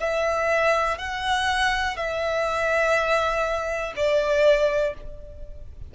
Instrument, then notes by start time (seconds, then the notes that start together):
violin
0.00 E5
0.98 F#5
1.97 E5
3.96 D5